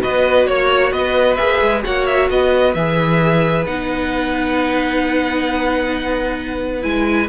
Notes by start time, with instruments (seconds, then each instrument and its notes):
0.00 cello B3, viola F#4, violin B4 D#5
0.46 cello A#3, violin C#5
0.91 cello B3, violin B4 D#5
1.35 cello A#3, viola G#4, violin E5
1.61 cello G#3
1.82 cello A#3, viola F#4, violin C#5 F#5
2.06 violin E5
2.30 cello B3, violin B4 D#5
2.74 cello E3, viola G#4, violin E5
3.66 cello B3, viola D#4, violin F#5
6.81 cello G#3, viola E4, violin G#5